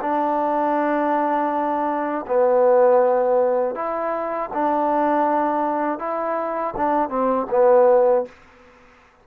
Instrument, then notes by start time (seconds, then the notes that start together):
trombone
0.00 D4
2.27 B3
3.75 E4
4.53 D4
5.99 E4
6.76 D4
7.09 C4
7.50 B3